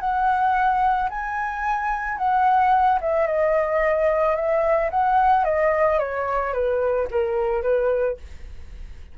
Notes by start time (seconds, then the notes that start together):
0.00 F#5
1.09 G#5
2.17 F#5
3.01 E5
3.27 D#5
4.35 E5
4.90 F#5
5.44 D#5
5.99 C#5
6.53 B4
7.11 A#4
7.62 B4